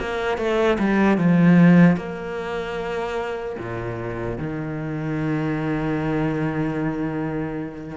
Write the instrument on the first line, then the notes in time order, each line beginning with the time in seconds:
cello
0.00 A#3
0.38 A3
0.79 G3
1.18 F3
1.97 A#3
3.59 A#2
4.39 D#3